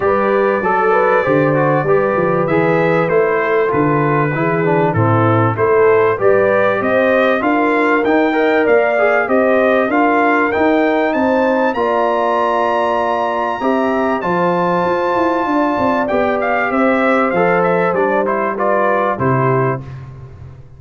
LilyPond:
<<
  \new Staff \with { instrumentName = "trumpet" } { \time 4/4 \tempo 4 = 97 d''1 | e''4 c''4 b'2 | a'4 c''4 d''4 dis''4 | f''4 g''4 f''4 dis''4 |
f''4 g''4 a''4 ais''4~ | ais''2. a''4~ | a''2 g''8 f''8 e''4 | f''8 e''8 d''8 c''8 d''4 c''4 | }
  \new Staff \with { instrumentName = "horn" } { \time 4/4 b'4 a'8 b'8 c''4 b'4~ | b'4. a'4. gis'4 | e'4 a'4 b'4 c''4 | ais'4. dis''8 d''4 c''4 |
ais'2 c''4 d''4~ | d''2 e''4 c''4~ | c''4 d''2 c''4~ | c''2 b'4 g'4 | }
  \new Staff \with { instrumentName = "trombone" } { \time 4/4 g'4 a'4 g'8 fis'8 g'4 | gis'4 e'4 f'4 e'8 d'8 | c'4 e'4 g'2 | f'4 dis'8 ais'4 gis'8 g'4 |
f'4 dis'2 f'4~ | f'2 g'4 f'4~ | f'2 g'2 | a'4 d'8 e'8 f'4 e'4 | }
  \new Staff \with { instrumentName = "tuba" } { \time 4/4 g4 fis4 d4 g8 f8 | e4 a4 d4 e4 | a,4 a4 g4 c'4 | d'4 dis'4 ais4 c'4 |
d'4 dis'4 c'4 ais4~ | ais2 c'4 f4 | f'8 e'8 d'8 c'8 b4 c'4 | f4 g2 c4 | }
>>